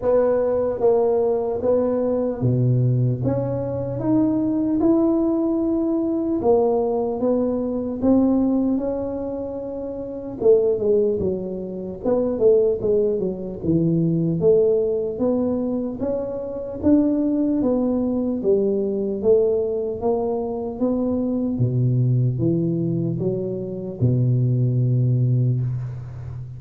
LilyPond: \new Staff \with { instrumentName = "tuba" } { \time 4/4 \tempo 4 = 75 b4 ais4 b4 b,4 | cis'4 dis'4 e'2 | ais4 b4 c'4 cis'4~ | cis'4 a8 gis8 fis4 b8 a8 |
gis8 fis8 e4 a4 b4 | cis'4 d'4 b4 g4 | a4 ais4 b4 b,4 | e4 fis4 b,2 | }